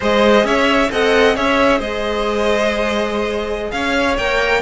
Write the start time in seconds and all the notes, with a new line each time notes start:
0.00 G#3 G#4 C5 D#5
0.43 C#4 C#5 E5
0.91 C4 A4 D#5 F#5
1.34 C#4 G#4 C#5 E5
1.78 G#3 C5 D#5
3.71 C#4 C#5 F5
4.17 A#3 A#4 G5